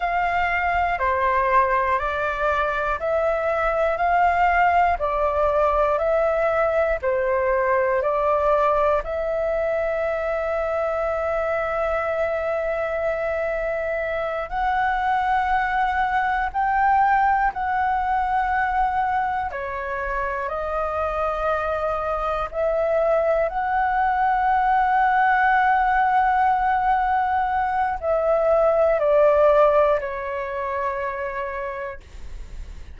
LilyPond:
\new Staff \with { instrumentName = "flute" } { \time 4/4 \tempo 4 = 60 f''4 c''4 d''4 e''4 | f''4 d''4 e''4 c''4 | d''4 e''2.~ | e''2~ e''8 fis''4.~ |
fis''8 g''4 fis''2 cis''8~ | cis''8 dis''2 e''4 fis''8~ | fis''1 | e''4 d''4 cis''2 | }